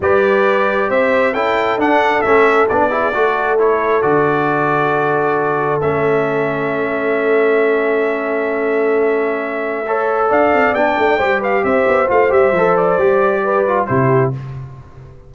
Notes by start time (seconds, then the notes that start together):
0.00 G3 G4 B4 D5
0.89 C4 C5 E5
1.33 C#4 E4 A4 G5
1.77 D4 F#5
2.21 A3 C#4 E5
2.69 B3 D4 D5
2.90 E4 G#4
3.13 A3 F#4 A4
3.58 E4 C#5
4.01 D3 F#4 D5
5.81 A3 C#4 E5
9.86 A4 C#5
10.29 D4 D5 F5
10.52 C4
10.73 B3 D4 G5
10.98 A3
11.18 G3 G4 C5
11.40 B4 F5
11.63 C4 C5 E5
11.87 B3
12.07 A3 F4 F5
12.29 G3 G4 E5
12.51 F3
12.57 A4
12.76 D5
12.97 G3 G4
13.44 B4
13.67 F4
13.86 C3 E4 G4 C5